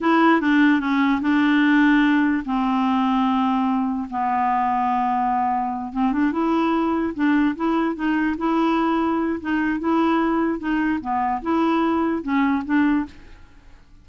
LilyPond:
\new Staff \with { instrumentName = "clarinet" } { \time 4/4 \tempo 4 = 147 e'4 d'4 cis'4 d'4~ | d'2 c'2~ | c'2 b2~ | b2~ b8 c'8 d'8 e'8~ |
e'4. d'4 e'4 dis'8~ | dis'8 e'2~ e'8 dis'4 | e'2 dis'4 b4 | e'2 cis'4 d'4 | }